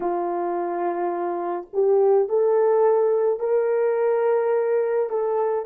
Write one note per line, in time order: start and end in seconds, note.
0.00 1.67 F4
1.73 2.28 G4
2.28 3.40 A4
3.40 5.09 A#4
5.09 5.66 A4